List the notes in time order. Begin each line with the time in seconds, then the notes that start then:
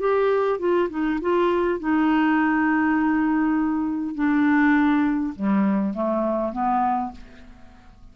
0.00 G4
0.59 F4
0.90 D#4
1.22 F4
1.80 D#4
4.15 D4
5.36 G3
5.94 A3
6.53 B3